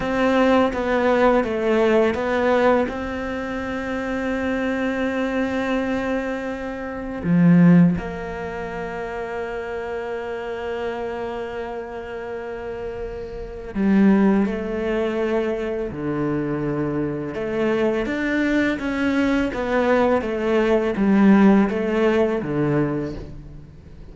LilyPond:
\new Staff \with { instrumentName = "cello" } { \time 4/4 \tempo 4 = 83 c'4 b4 a4 b4 | c'1~ | c'2 f4 ais4~ | ais1~ |
ais2. g4 | a2 d2 | a4 d'4 cis'4 b4 | a4 g4 a4 d4 | }